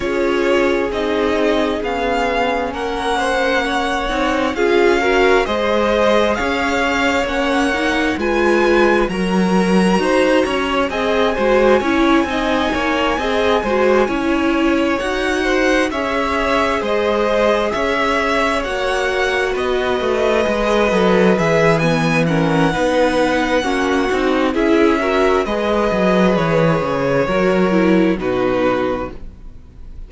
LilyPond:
<<
  \new Staff \with { instrumentName = "violin" } { \time 4/4 \tempo 4 = 66 cis''4 dis''4 f''4 fis''4~ | fis''4 f''4 dis''4 f''4 | fis''4 gis''4 ais''2 | gis''1~ |
gis''8 fis''4 e''4 dis''4 e''8~ | e''8 fis''4 dis''2 e''8 | gis''8 fis''2~ fis''8 e''4 | dis''4 cis''2 b'4 | }
  \new Staff \with { instrumentName = "violin" } { \time 4/4 gis'2. ais'8 c''8 | cis''4 gis'8 ais'8 c''4 cis''4~ | cis''4 b'4 ais'4 c''8 cis''8 | dis''8 c''8 cis''8 dis''8 cis''8 dis''8 c''8 cis''8~ |
cis''4 c''8 cis''4 c''4 cis''8~ | cis''4. b'2~ b'8~ | b'8 ais'8 b'4 fis'4 gis'8 ais'8 | b'2 ais'4 fis'4 | }
  \new Staff \with { instrumentName = "viola" } { \time 4/4 f'4 dis'4 cis'2~ | cis'8 dis'8 f'8 fis'8 gis'2 | cis'8 dis'8 f'4 fis'2 | gis'8 fis'8 e'8 dis'4 gis'8 fis'8 e'8~ |
e'8 fis'4 gis'2~ gis'8~ | gis'8 fis'2 gis'8 a'8 gis'8 | b8 cis'8 dis'4 cis'8 dis'8 e'8 fis'8 | gis'2 fis'8 e'8 dis'4 | }
  \new Staff \with { instrumentName = "cello" } { \time 4/4 cis'4 c'4 b4 ais4~ | ais8 c'8 cis'4 gis4 cis'4 | ais4 gis4 fis4 dis'8 cis'8 | c'8 gis8 cis'8 c'8 ais8 c'8 gis8 cis'8~ |
cis'8 dis'4 cis'4 gis4 cis'8~ | cis'8 ais4 b8 a8 gis8 fis8 e8~ | e4 b4 ais8 c'8 cis'4 | gis8 fis8 e8 cis8 fis4 b,4 | }
>>